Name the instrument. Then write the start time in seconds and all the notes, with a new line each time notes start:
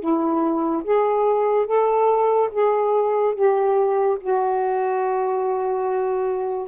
saxophone
0.00 E4
0.84 G#4
1.66 A4
2.52 G#4
3.35 G4
4.20 F#4